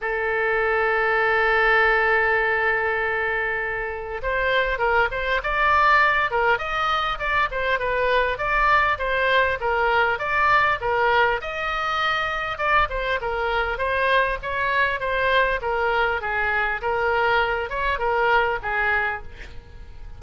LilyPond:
\new Staff \with { instrumentName = "oboe" } { \time 4/4 \tempo 4 = 100 a'1~ | a'2. c''4 | ais'8 c''8 d''4. ais'8 dis''4 | d''8 c''8 b'4 d''4 c''4 |
ais'4 d''4 ais'4 dis''4~ | dis''4 d''8 c''8 ais'4 c''4 | cis''4 c''4 ais'4 gis'4 | ais'4. cis''8 ais'4 gis'4 | }